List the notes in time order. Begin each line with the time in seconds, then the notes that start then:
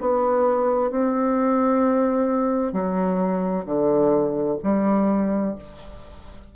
0.00 B3
0.90 C4
2.72 F#3
3.65 D3
4.63 G3